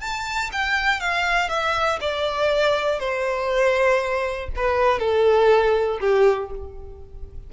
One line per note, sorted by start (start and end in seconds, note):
0.00 0.50 A5
0.52 1.00 G5
1.00 1.49 F5
1.49 1.99 E5
2.00 2.99 D5
2.99 4.49 C5
4.56 4.99 B4
4.99 5.99 A4
6.00 6.50 G4